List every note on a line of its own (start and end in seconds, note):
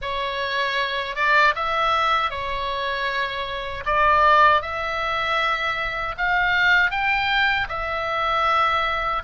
0.01 1.15 C#5
1.15 1.54 D5
1.55 2.30 E5
2.30 3.84 C#5
3.85 4.61 D5
4.61 6.15 E5
6.17 6.90 F5
6.90 7.67 G5
7.69 9.22 E5